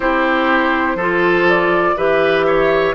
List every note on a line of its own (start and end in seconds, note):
0.00 0.95 C4
0.00 0.98 E4
0.00 0.96 G4
0.00 1.47 C5
0.95 1.93 F3
0.95 1.97 F4
0.95 1.95 A4
1.49 1.97 D5
1.97 2.94 E3
1.97 2.94 G4
1.97 2.46 B4
1.97 2.94 E5
2.46 2.94 C#5